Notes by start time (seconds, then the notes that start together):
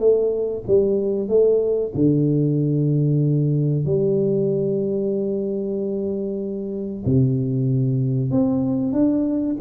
0.00 A3
0.68 G3
1.29 A3
1.95 D3
3.86 G3
7.06 C3
8.32 C4
8.93 D4